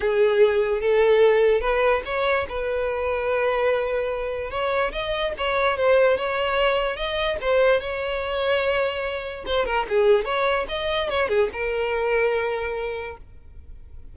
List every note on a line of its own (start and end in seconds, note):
0.00 0.80 G#4
0.80 1.60 A4
1.60 2.01 B4
2.05 2.46 C#5
2.49 4.50 B4
4.50 4.91 C#5
4.92 5.33 D#5
5.37 5.77 C#5
5.77 6.17 C5
6.17 6.96 C#5
6.96 7.37 D#5
7.41 7.80 C5
7.80 9.44 C#5
9.46 9.65 C5
9.65 9.86 A#4
9.88 10.24 G#4
10.24 10.66 C#5
10.68 11.09 D#5
11.09 11.28 C#5
11.28 11.49 G#4
11.52 13.17 A#4